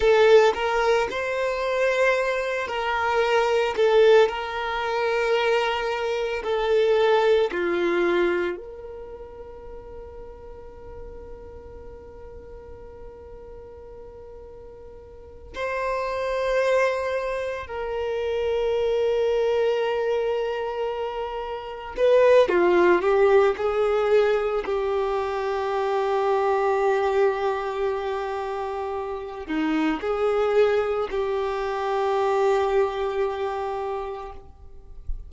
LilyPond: \new Staff \with { instrumentName = "violin" } { \time 4/4 \tempo 4 = 56 a'8 ais'8 c''4. ais'4 a'8 | ais'2 a'4 f'4 | ais'1~ | ais'2~ ais'8 c''4.~ |
c''8 ais'2.~ ais'8~ | ais'8 b'8 f'8 g'8 gis'4 g'4~ | g'2.~ g'8 dis'8 | gis'4 g'2. | }